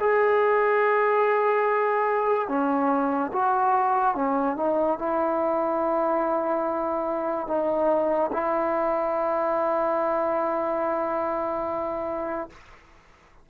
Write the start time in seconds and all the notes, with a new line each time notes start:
0.00 G#4
2.48 C#4
3.33 F#4
4.15 C#4
4.57 D#4
4.98 E4
7.47 D#4
8.33 E4